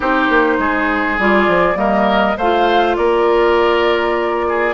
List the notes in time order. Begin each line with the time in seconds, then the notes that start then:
0.00 C4 D#4 G4 C5
0.29 A#3
0.58 G#3 G#4
1.18 G3 F4 D5
1.47 F3
1.75 G3 A#3 A#4 D#5
2.37 A3 F4 C5 F5
2.95 A#3 A#4 D5
4.49 G#4